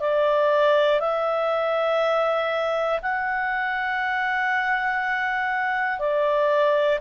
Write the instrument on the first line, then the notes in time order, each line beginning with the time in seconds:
clarinet
0.00 D5
1.00 E5
3.02 F#5
5.99 D5